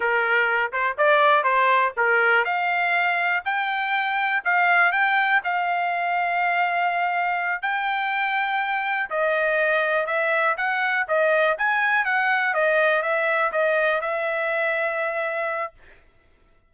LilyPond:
\new Staff \with { instrumentName = "trumpet" } { \time 4/4 \tempo 4 = 122 ais'4. c''8 d''4 c''4 | ais'4 f''2 g''4~ | g''4 f''4 g''4 f''4~ | f''2.~ f''8 g''8~ |
g''2~ g''8 dis''4.~ | dis''8 e''4 fis''4 dis''4 gis''8~ | gis''8 fis''4 dis''4 e''4 dis''8~ | dis''8 e''2.~ e''8 | }